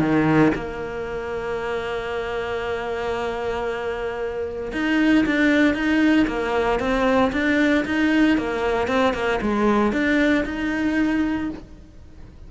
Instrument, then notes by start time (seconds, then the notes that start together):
cello
0.00 D#3
0.55 A#3
4.73 D#4
5.26 D4
5.75 D#4
6.28 A#3
6.80 C4
7.33 D4
7.86 D#4
8.38 A#3
8.88 C4
9.14 A#3
9.42 G#3
9.93 D4
10.46 D#4